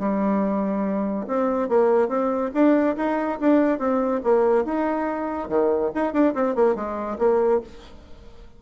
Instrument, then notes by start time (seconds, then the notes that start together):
bassoon
0.00 G3
1.28 C4
1.69 A#3
2.09 C4
2.54 D4
2.97 D#4
3.41 D4
3.79 C4
4.24 A#3
4.65 D#4
5.49 D#3
5.95 D#4
6.13 D4
6.35 C4
6.56 A#3
6.76 G#3
7.19 A#3